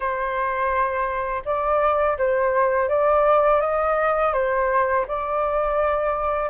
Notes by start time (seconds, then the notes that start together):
0.00 C5
1.45 D5
2.18 C5
2.88 D5
3.60 D#5
4.33 C5
5.07 D5